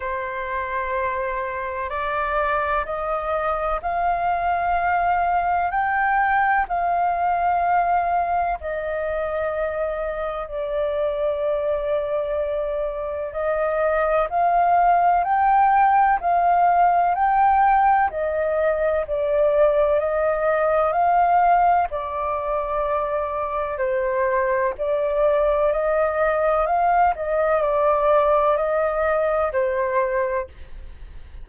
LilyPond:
\new Staff \with { instrumentName = "flute" } { \time 4/4 \tempo 4 = 63 c''2 d''4 dis''4 | f''2 g''4 f''4~ | f''4 dis''2 d''4~ | d''2 dis''4 f''4 |
g''4 f''4 g''4 dis''4 | d''4 dis''4 f''4 d''4~ | d''4 c''4 d''4 dis''4 | f''8 dis''8 d''4 dis''4 c''4 | }